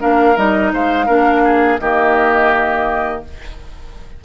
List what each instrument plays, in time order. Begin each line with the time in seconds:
0.00 bassoon A#3, clarinet D4, oboe A#4, flute F5
0.37 bassoon G3, clarinet D#4, flute D#5
0.74 bassoon G#3, oboe C5, flute F5
1.07 bassoon A#3, clarinet D4, oboe A#4
1.45 oboe G#4
1.80 bassoon D#3, clarinet A#3, oboe G4, flute D#5